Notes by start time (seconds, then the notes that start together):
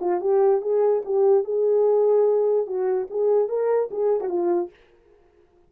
0.00 F4
0.21 G4
0.61 G#4
1.05 G4
1.44 G#4
2.66 F#4
3.10 G#4
3.48 A#4
3.91 G#4
4.20 F#4
4.29 F4